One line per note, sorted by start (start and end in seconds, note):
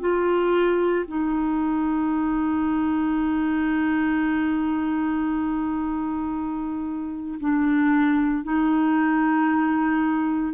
0.00 1.05 F4
1.08 7.39 D#4
7.40 8.44 D4
8.44 10.54 D#4